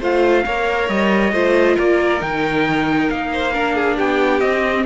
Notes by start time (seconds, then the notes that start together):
0.00 A3 F4 C5 F5
0.45 A#3 A#4 C#5
0.89 G3 D#5
1.32 A3 F4 C5
1.76 A#3 A#4 D5
2.19 D#3 D#4 G5
3.10 A#3 F5
3.33 C5
3.53 D4 A#4
3.75 G#4
3.96 B3 G4 G5
4.40 C4 D#5